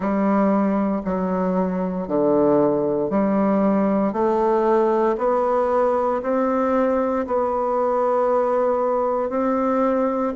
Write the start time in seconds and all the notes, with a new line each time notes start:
0.00 G3
1.04 F#3
2.07 D3
3.10 G3
4.12 A3
5.18 B3
6.22 C4
7.26 B3
9.29 C4